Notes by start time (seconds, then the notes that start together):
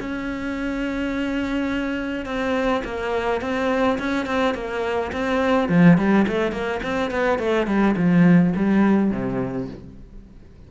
0.00 C#4
2.25 C4
2.84 A#3
3.41 C4
3.99 C#4
4.26 C4
4.54 A#3
5.12 C4
5.69 F3
5.97 G3
6.28 A3
6.52 A#3
6.83 C4
7.11 B3
7.39 A3
7.66 G3
7.96 F3
8.56 G3
9.11 C3